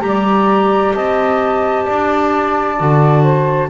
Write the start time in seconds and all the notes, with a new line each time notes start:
0.00 G3 G4 A#5
0.07 D5
0.94 C4 D#5 A5
1.85 D4 D5
2.78 D3 F#4
3.23 C5